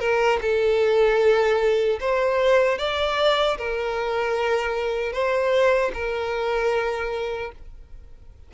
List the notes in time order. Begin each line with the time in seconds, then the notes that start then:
0.00 A#4
0.42 A4
2.01 C5
2.79 D5
3.58 A#4
5.13 C5
5.94 A#4